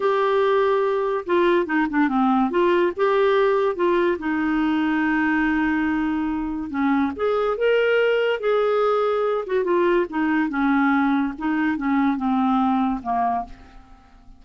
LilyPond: \new Staff \with { instrumentName = "clarinet" } { \time 4/4 \tempo 4 = 143 g'2. f'4 | dis'8 d'8 c'4 f'4 g'4~ | g'4 f'4 dis'2~ | dis'1 |
cis'4 gis'4 ais'2 | gis'2~ gis'8 fis'8 f'4 | dis'4 cis'2 dis'4 | cis'4 c'2 ais4 | }